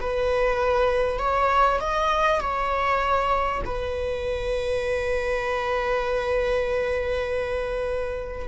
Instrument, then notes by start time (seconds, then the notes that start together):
viola
0.00 B4
1.18 C#5
1.80 D#5
2.40 C#5
3.64 B4